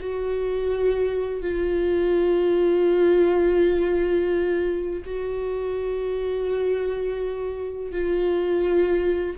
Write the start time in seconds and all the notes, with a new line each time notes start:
0.00 F#4
1.42 F4
5.05 F#4
7.91 F4